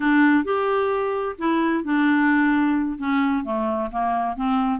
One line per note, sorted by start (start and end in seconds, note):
0.00 0.44 D4
0.44 1.36 G4
1.38 1.84 E4
1.84 2.98 D4
2.98 3.44 C#4
3.44 3.90 A3
3.91 4.36 A#3
4.36 4.79 C4